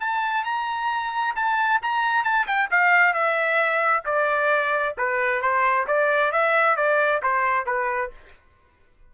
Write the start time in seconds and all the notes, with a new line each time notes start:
0.00 A5
0.44 A#5
1.36 A5
1.82 A#5
2.24 A5
2.47 G5
2.71 F5
3.14 E5
4.05 D5
4.98 B4
5.41 C5
5.87 D5
6.32 E5
6.76 D5
7.22 C5
7.66 B4